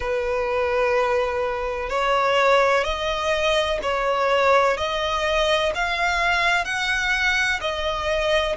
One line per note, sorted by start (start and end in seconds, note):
0.00 1.89 B4
1.89 2.84 C#5
2.84 3.79 D#5
3.82 4.77 C#5
4.77 5.72 D#5
5.74 6.65 F5
6.65 7.60 F#5
7.60 8.55 D#5